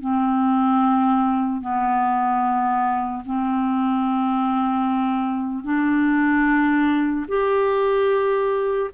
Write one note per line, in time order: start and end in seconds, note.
0.00 1.61 C4
1.61 3.23 B3
3.25 5.64 C4
5.64 7.26 D4
7.28 8.90 G4